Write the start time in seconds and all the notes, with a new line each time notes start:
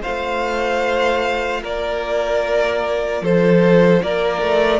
0.00 F4 C5 F5
0.06 A3
1.62 A#3 A#4 D5
3.22 F3 A4 C5
4.03 A#3 A#4 D5
4.42 A3